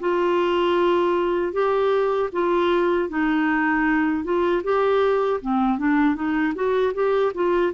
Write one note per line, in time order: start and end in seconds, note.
0.00 1.53 F4
1.53 2.30 G4
2.32 3.09 F4
3.09 4.24 D#4
4.24 4.63 F4
4.64 5.41 G4
5.41 5.78 C4
5.78 6.15 D4
6.15 6.54 D#4
6.55 6.93 F#4
6.94 7.33 G4
7.35 7.73 F4